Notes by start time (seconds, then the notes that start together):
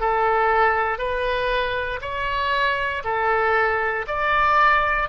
0.00 A4
0.98 B4
2.01 C#5
3.04 A4
4.07 D5